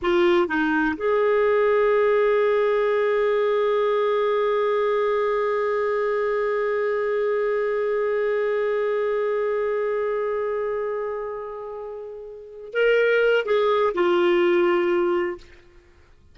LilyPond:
\new Staff \with { instrumentName = "clarinet" } { \time 4/4 \tempo 4 = 125 f'4 dis'4 gis'2~ | gis'1~ | gis'1~ | gis'1~ |
gis'1~ | gis'1~ | gis'2~ gis'8 ais'4. | gis'4 f'2. | }